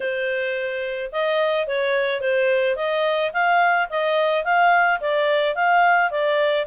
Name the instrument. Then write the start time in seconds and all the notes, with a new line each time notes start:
clarinet
0.00 C5
1.12 D#5
1.67 C#5
2.20 C5
2.76 D#5
3.33 F5
3.89 D#5
4.44 F5
5.00 D5
5.55 F5
6.10 D5